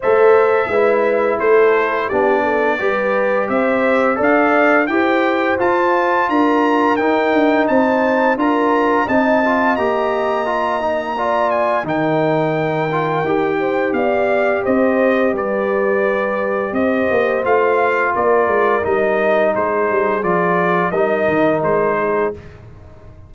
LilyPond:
<<
  \new Staff \with { instrumentName = "trumpet" } { \time 4/4 \tempo 4 = 86 e''2 c''4 d''4~ | d''4 e''4 f''4 g''4 | a''4 ais''4 g''4 a''4 | ais''4 a''4 ais''2~ |
ais''8 gis''8 g''2. | f''4 dis''4 d''2 | dis''4 f''4 d''4 dis''4 | c''4 d''4 dis''4 c''4 | }
  \new Staff \with { instrumentName = "horn" } { \time 4/4 c''4 b'4 a'4 g'8 a'8 | b'4 c''4 d''4 c''4~ | c''4 ais'2 c''4 | ais'4 dis''2. |
d''4 ais'2~ ais'8 c''8 | d''4 c''4 b'2 | c''2 ais'2 | gis'2 ais'4. gis'8 | }
  \new Staff \with { instrumentName = "trombone" } { \time 4/4 a'4 e'2 d'4 | g'2 a'4 g'4 | f'2 dis'2 | f'4 dis'8 f'8 g'4 f'8 dis'8 |
f'4 dis'4. f'8 g'4~ | g'1~ | g'4 f'2 dis'4~ | dis'4 f'4 dis'2 | }
  \new Staff \with { instrumentName = "tuba" } { \time 4/4 a4 gis4 a4 b4 | g4 c'4 d'4 e'4 | f'4 d'4 dis'8 d'8 c'4 | d'4 c'4 ais2~ |
ais4 dis2 dis'4 | b4 c'4 g2 | c'8 ais8 a4 ais8 gis8 g4 | gis8 g8 f4 g8 dis8 gis4 | }
>>